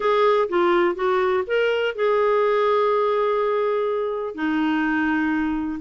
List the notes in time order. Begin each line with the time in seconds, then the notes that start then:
0.00 G#4
0.48 F4
0.95 F#4
1.46 A#4
1.95 G#4
4.34 D#4